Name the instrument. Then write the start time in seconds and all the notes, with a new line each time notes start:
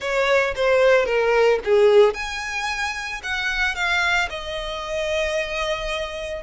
violin
0.00 C#5
0.55 C5
1.05 A#4
1.64 G#4
2.14 G#5
3.23 F#5
3.75 F5
4.29 D#5